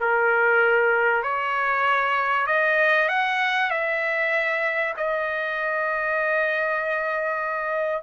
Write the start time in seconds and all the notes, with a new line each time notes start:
0.00 A#4
1.23 C#5
2.47 D#5
3.08 F#5
3.70 E5
4.97 D#5